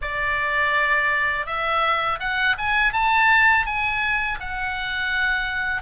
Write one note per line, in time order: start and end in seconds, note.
0.01 1.46 D5
1.46 2.19 E5
2.19 2.56 F#5
2.58 2.92 G#5
2.92 3.66 A5
3.66 4.39 G#5
4.40 5.82 F#5